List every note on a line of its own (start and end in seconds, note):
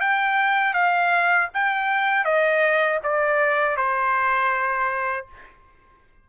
0.00 0.74 G5
0.74 1.49 F5
1.54 2.24 G5
2.24 2.99 D#5
3.03 3.76 D5
3.76 5.26 C5